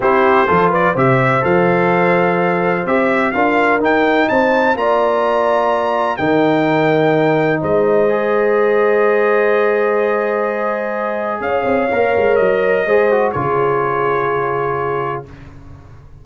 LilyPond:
<<
  \new Staff \with { instrumentName = "trumpet" } { \time 4/4 \tempo 4 = 126 c''4. d''8 e''4 f''4~ | f''2 e''4 f''4 | g''4 a''4 ais''2~ | ais''4 g''2. |
dis''1~ | dis''1 | f''2 dis''2 | cis''1 | }
  \new Staff \with { instrumentName = "horn" } { \time 4/4 g'4 a'8 b'8 c''2~ | c''2. ais'4~ | ais'4 c''4 d''2~ | d''4 ais'2. |
c''1~ | c''1 | cis''2. c''4 | gis'1 | }
  \new Staff \with { instrumentName = "trombone" } { \time 4/4 e'4 f'4 g'4 a'4~ | a'2 g'4 f'4 | dis'2 f'2~ | f'4 dis'2.~ |
dis'4 gis'2.~ | gis'1~ | gis'4 ais'2 gis'8 fis'8 | f'1 | }
  \new Staff \with { instrumentName = "tuba" } { \time 4/4 c'4 f4 c4 f4~ | f2 c'4 d'4 | dis'4 c'4 ais2~ | ais4 dis2. |
gis1~ | gis1 | cis'8 c'8 ais8 gis8 fis4 gis4 | cis1 | }
>>